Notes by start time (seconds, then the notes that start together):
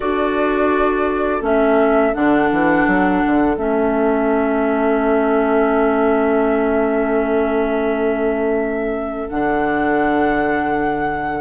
0.00 D4 F#4 A4 D5
1.41 A3 C#4 E5
2.14 D3 D4 F#5
2.51 E3
2.87 F#3
3.26 D3
3.56 A3 C#4 E5
9.29 D3 D4 F#5